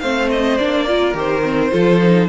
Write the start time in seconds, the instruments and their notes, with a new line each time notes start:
0.00 cello A3, viola C4, violin C5 F5
0.30 violin D#5
0.57 cello A#3, viola D4, violin D5
0.85 viola F4, violin A#4
1.14 cello D#3, viola G4, violin C5
1.44 viola C4
1.71 cello F3, viola F4, violin A4
2.03 viola D#4